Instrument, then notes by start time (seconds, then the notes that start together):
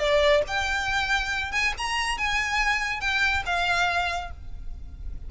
violin
0.00 D5
0.48 G5
1.52 G#5
1.78 A#5
2.18 G#5
3.01 G5
3.46 F5